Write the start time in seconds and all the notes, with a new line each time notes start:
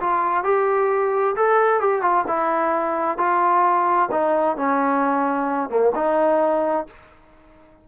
0.00 F4
0.44 G4
1.36 A4
1.80 G4
2.02 F4
2.27 E4
3.18 F4
4.11 D#4
4.57 C#4
5.69 A#3
5.95 D#4